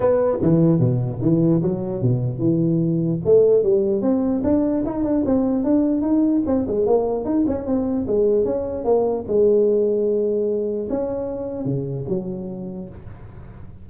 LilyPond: \new Staff \with { instrumentName = "tuba" } { \time 4/4 \tempo 4 = 149 b4 e4 b,4 e4 | fis4 b,4 e2 | a4 g4 c'4 d'4 | dis'8 d'8 c'4 d'4 dis'4 |
c'8 gis8 ais4 dis'8 cis'8 c'4 | gis4 cis'4 ais4 gis4~ | gis2. cis'4~ | cis'4 cis4 fis2 | }